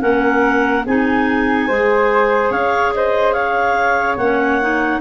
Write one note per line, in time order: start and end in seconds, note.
0.00 0.86 A#3
0.00 0.83 C#4
0.00 0.85 A#4
0.00 0.84 F#5
0.85 1.69 C4
0.85 1.70 D#4
0.85 1.68 G#4
0.85 2.51 G#5
1.68 2.50 G#3
1.68 4.20 G#4
1.68 2.51 C5
2.50 4.17 C#4
2.50 2.93 C#5
2.50 2.93 F5
2.94 3.34 C5
2.94 3.32 D#5
3.32 5.01 C#5
3.32 4.16 F5
4.17 5.00 A#3
4.17 4.62 C#4
4.17 5.00 F#5
4.62 5.01 D#4